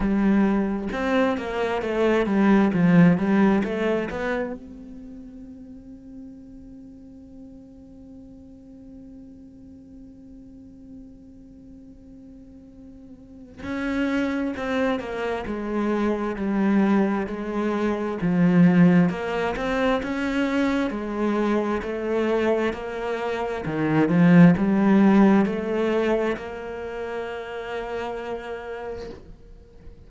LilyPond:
\new Staff \with { instrumentName = "cello" } { \time 4/4 \tempo 4 = 66 g4 c'8 ais8 a8 g8 f8 g8 | a8 b8 c'2.~ | c'1~ | c'2. cis'4 |
c'8 ais8 gis4 g4 gis4 | f4 ais8 c'8 cis'4 gis4 | a4 ais4 dis8 f8 g4 | a4 ais2. | }